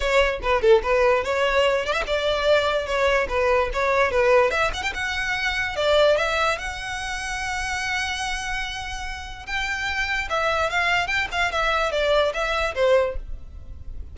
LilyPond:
\new Staff \with { instrumentName = "violin" } { \time 4/4 \tempo 4 = 146 cis''4 b'8 a'8 b'4 cis''4~ | cis''8 d''16 e''16 d''2 cis''4 | b'4 cis''4 b'4 e''8 fis''16 g''16 | fis''2 d''4 e''4 |
fis''1~ | fis''2. g''4~ | g''4 e''4 f''4 g''8 f''8 | e''4 d''4 e''4 c''4 | }